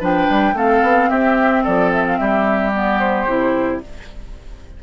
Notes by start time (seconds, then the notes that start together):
0.00 F3 D4 B4 G5
0.29 G3
0.53 A3 C4 A4 F5
0.82 B3
1.09 C4 G4 E5
1.63 F3 A4 D5
1.92 E5
2.06 F5
2.18 G3 G4 E5
2.73 B3 D5
2.99 C5
3.27 C3 E4